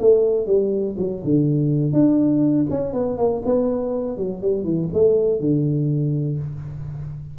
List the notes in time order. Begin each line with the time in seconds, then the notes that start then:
0.00 A3
0.47 G3
0.99 F#3
1.25 D3
1.93 D4
2.70 C#4
2.94 B3
3.18 A#3
3.46 B3
4.18 F#3
4.42 G3
4.65 E3
4.94 A3
5.40 D3